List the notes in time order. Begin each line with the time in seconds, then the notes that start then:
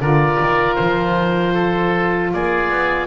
0.00 D3 F4 A#4 D5
0.41 D#3
0.76 F3 C5
1.54 A4
2.34 A#3 G#4 D5
2.70 B3